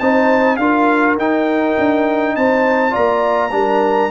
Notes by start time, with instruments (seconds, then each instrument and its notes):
0.00 tuba C4, trombone D#4, horn C5, trumpet A5
0.57 tuba D4, trombone F4, horn A#4, trumpet F5
1.17 tuba D#4, trombone D#4, trumpet G5
1.79 tuba D4
2.36 tuba C4, horn C5, trumpet A5
2.91 tuba A#3, trombone F4, horn D5, trumpet A#5
3.52 tuba G3, trombone D4, horn A#4